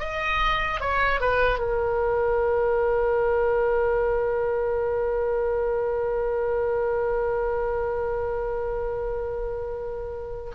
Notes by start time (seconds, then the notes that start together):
0.00 D#5
0.81 C#5
1.21 B4
1.59 A#4